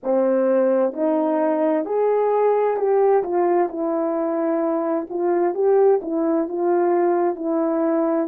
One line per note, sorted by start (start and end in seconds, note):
0.03 0.93 C4
0.93 1.85 D#4
1.85 2.77 G#4
2.77 3.23 G4
3.23 3.68 F4
3.68 5.07 E4
5.09 5.54 F4
5.54 6.00 G4
6.02 6.48 E4
6.48 7.36 F4
7.36 8.27 E4